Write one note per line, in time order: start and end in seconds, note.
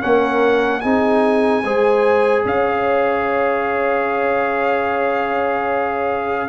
0.00 0.84 A#3
0.00 0.81 C#4
0.00 0.82 A#4
0.00 0.80 F#5
0.80 1.63 C4
0.80 1.63 D#4
0.80 1.63 G#4
0.80 2.42 G#5
1.63 2.44 G#3
1.63 6.48 G#4
1.63 2.44 C5
2.44 6.48 C#4
2.44 6.48 C#5
2.44 6.48 F5